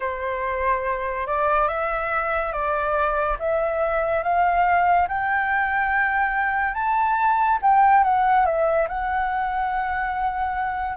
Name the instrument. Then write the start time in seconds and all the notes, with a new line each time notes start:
flute
0.00 C5
1.26 D5
1.68 E5
2.52 D5
3.39 E5
4.23 F5
5.08 G5
6.74 A5
7.62 G5
8.03 F#5
8.45 E5
8.88 F#5